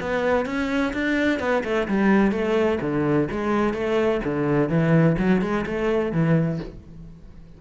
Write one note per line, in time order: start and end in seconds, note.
0.00 0.46 B3
0.46 0.93 C#4
0.93 1.39 D4
1.39 1.63 B3
1.64 1.87 A3
1.87 2.31 G3
2.31 2.79 A3
2.81 3.28 D3
3.31 3.73 G#3
3.73 4.21 A3
4.24 4.69 D3
4.69 5.16 E3
5.18 5.41 F#3
5.41 5.65 G#3
5.66 6.12 A3
6.12 6.59 E3